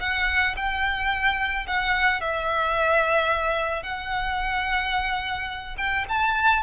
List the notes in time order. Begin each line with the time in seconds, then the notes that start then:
0.00 F#5
0.56 G5
1.67 F#5
2.21 E5
3.83 F#5
5.77 G5
6.09 A5